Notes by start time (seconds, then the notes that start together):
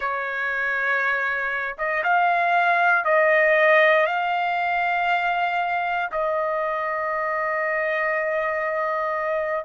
0.00 C#5
1.78 D#5
2.03 F5
3.04 D#5
4.06 F5
6.11 D#5